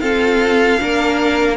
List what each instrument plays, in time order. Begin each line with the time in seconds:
0.00 viola C4, cello F4, violin A4 F5
0.79 cello A#3, viola D4, violin A#4